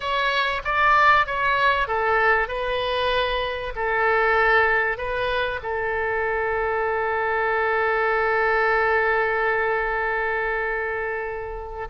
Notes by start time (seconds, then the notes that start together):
0.00 C#5
0.64 D5
1.26 C#5
1.87 A4
2.48 B4
3.75 A4
4.97 B4
5.62 A4